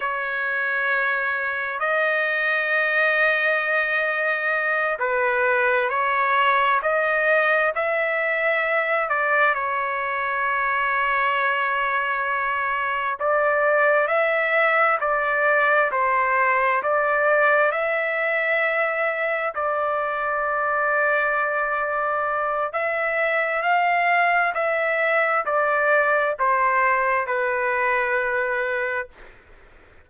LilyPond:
\new Staff \with { instrumentName = "trumpet" } { \time 4/4 \tempo 4 = 66 cis''2 dis''2~ | dis''4. b'4 cis''4 dis''8~ | dis''8 e''4. d''8 cis''4.~ | cis''2~ cis''8 d''4 e''8~ |
e''8 d''4 c''4 d''4 e''8~ | e''4. d''2~ d''8~ | d''4 e''4 f''4 e''4 | d''4 c''4 b'2 | }